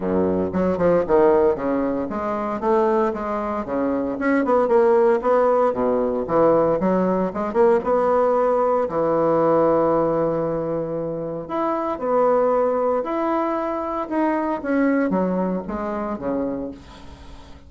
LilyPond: \new Staff \with { instrumentName = "bassoon" } { \time 4/4 \tempo 4 = 115 fis,4 fis8 f8 dis4 cis4 | gis4 a4 gis4 cis4 | cis'8 b8 ais4 b4 b,4 | e4 fis4 gis8 ais8 b4~ |
b4 e2.~ | e2 e'4 b4~ | b4 e'2 dis'4 | cis'4 fis4 gis4 cis4 | }